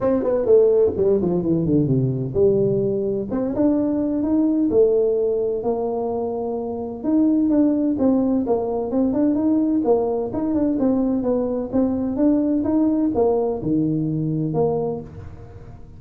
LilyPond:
\new Staff \with { instrumentName = "tuba" } { \time 4/4 \tempo 4 = 128 c'8 b8 a4 g8 f8 e8 d8 | c4 g2 c'8 d'8~ | d'4 dis'4 a2 | ais2. dis'4 |
d'4 c'4 ais4 c'8 d'8 | dis'4 ais4 dis'8 d'8 c'4 | b4 c'4 d'4 dis'4 | ais4 dis2 ais4 | }